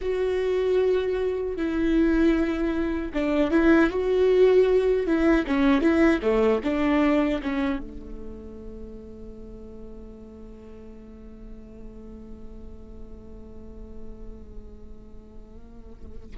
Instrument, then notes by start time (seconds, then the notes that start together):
viola
0.01 F#4
1.56 E4
3.13 D4
3.51 E4
3.90 F#4
5.06 E4
5.47 C#4
5.81 E4
6.22 A3
6.63 D4
7.42 C#4
7.79 A3